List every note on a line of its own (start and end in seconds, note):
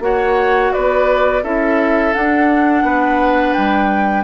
0.00 0.71 A#3
0.00 1.42 F#4
0.00 0.73 C#5
0.00 0.73 F#5
0.73 1.43 B3
0.73 1.43 B4
0.73 1.43 D5
1.43 2.14 C#4
1.43 2.14 E4
1.43 2.84 A4
1.43 2.13 E5
2.13 4.24 D4
2.13 2.82 D4
2.13 3.54 F#5
2.82 3.53 B3
2.82 4.24 B4
3.54 4.24 G3
3.54 4.24 G5